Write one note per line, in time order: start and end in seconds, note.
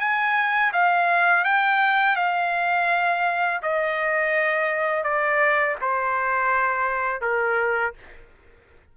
0.00 0.72 G#5
0.73 1.45 F5
1.45 2.16 G5
2.16 3.61 F5
3.62 5.04 D#5
5.04 5.76 D5
5.81 7.22 C5
7.22 7.94 A#4